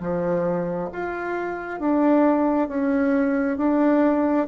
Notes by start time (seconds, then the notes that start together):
0.00 F3
0.92 F4
1.80 D4
2.68 C#4
3.57 D4